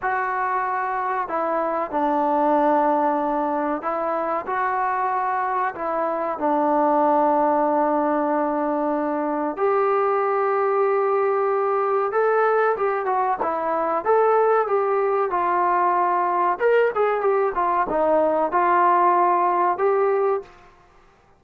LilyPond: \new Staff \with { instrumentName = "trombone" } { \time 4/4 \tempo 4 = 94 fis'2 e'4 d'4~ | d'2 e'4 fis'4~ | fis'4 e'4 d'2~ | d'2. g'4~ |
g'2. a'4 | g'8 fis'8 e'4 a'4 g'4 | f'2 ais'8 gis'8 g'8 f'8 | dis'4 f'2 g'4 | }